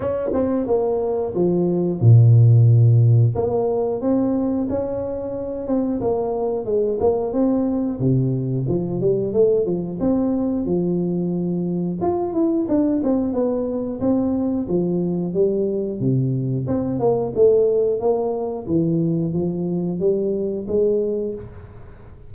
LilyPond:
\new Staff \with { instrumentName = "tuba" } { \time 4/4 \tempo 4 = 90 cis'8 c'8 ais4 f4 ais,4~ | ais,4 ais4 c'4 cis'4~ | cis'8 c'8 ais4 gis8 ais8 c'4 | c4 f8 g8 a8 f8 c'4 |
f2 f'8 e'8 d'8 c'8 | b4 c'4 f4 g4 | c4 c'8 ais8 a4 ais4 | e4 f4 g4 gis4 | }